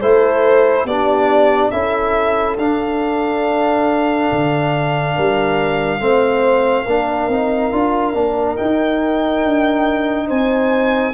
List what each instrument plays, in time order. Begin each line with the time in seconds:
0.00 tuba A3, trombone E4, horn A4, violin C5
0.84 tuba B3, trombone D4, horn G4, violin D5
1.71 tuba C#4, trombone E4, horn A4, violin E5
2.57 tuba D4, trombone D4, violin F5
4.31 tuba D3
5.15 tuba G3, horn A#4
6.00 tuba A3, trombone C4, horn C5
6.85 tuba A#3, trombone D4, horn A#4
7.28 tuba C4, trombone D#4
7.72 tuba D4, trombone F4
8.14 tuba A#3, trombone D4
8.56 trombone D#4, tuba D#4, violin G5
9.44 tuba D4
10.26 tuba C4, horn C5, violin G#5